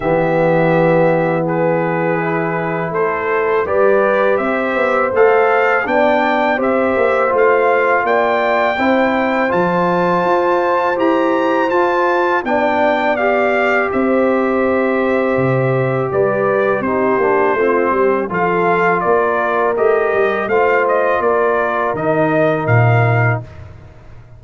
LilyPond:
<<
  \new Staff \with { instrumentName = "trumpet" } { \time 4/4 \tempo 4 = 82 e''2 b'2 | c''4 d''4 e''4 f''4 | g''4 e''4 f''4 g''4~ | g''4 a''2 ais''4 |
a''4 g''4 f''4 e''4~ | e''2 d''4 c''4~ | c''4 f''4 d''4 dis''4 | f''8 dis''8 d''4 dis''4 f''4 | }
  \new Staff \with { instrumentName = "horn" } { \time 4/4 g'2 gis'2 | a'4 b'4 c''2 | d''4 c''2 d''4 | c''1~ |
c''4 d''2 c''4~ | c''2 b'4 g'4 | f'8 g'8 a'4 ais'2 | c''4 ais'2. | }
  \new Staff \with { instrumentName = "trombone" } { \time 4/4 b2. e'4~ | e'4 g'2 a'4 | d'4 g'4 f'2 | e'4 f'2 g'4 |
f'4 d'4 g'2~ | g'2. dis'8 d'8 | c'4 f'2 g'4 | f'2 dis'2 | }
  \new Staff \with { instrumentName = "tuba" } { \time 4/4 e1 | a4 g4 c'8 b8 a4 | b4 c'8 ais8 a4 ais4 | c'4 f4 f'4 e'4 |
f'4 b2 c'4~ | c'4 c4 g4 c'8 ais8 | a8 g8 f4 ais4 a8 g8 | a4 ais4 dis4 ais,4 | }
>>